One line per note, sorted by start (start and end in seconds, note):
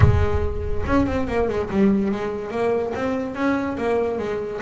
0.00 0.84 G#3
0.86 1.06 C#4
1.06 1.27 C4
1.27 1.48 A#3
1.48 1.69 G#3
1.70 2.11 G3
2.11 2.50 G#3
2.50 2.92 A#3
2.94 3.34 C4
3.34 3.76 C#4
3.77 4.18 A#3
4.18 4.60 G#3